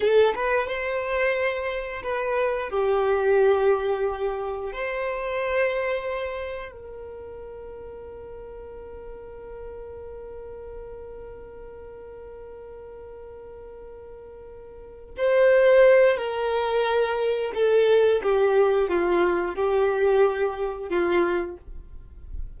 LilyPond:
\new Staff \with { instrumentName = "violin" } { \time 4/4 \tempo 4 = 89 a'8 b'8 c''2 b'4 | g'2. c''4~ | c''2 ais'2~ | ais'1~ |
ais'1~ | ais'2~ ais'8 c''4. | ais'2 a'4 g'4 | f'4 g'2 f'4 | }